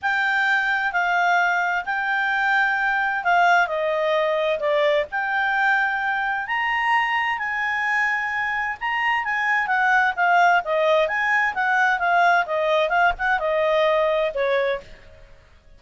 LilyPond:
\new Staff \with { instrumentName = "clarinet" } { \time 4/4 \tempo 4 = 130 g''2 f''2 | g''2. f''4 | dis''2 d''4 g''4~ | g''2 ais''2 |
gis''2. ais''4 | gis''4 fis''4 f''4 dis''4 | gis''4 fis''4 f''4 dis''4 | f''8 fis''8 dis''2 cis''4 | }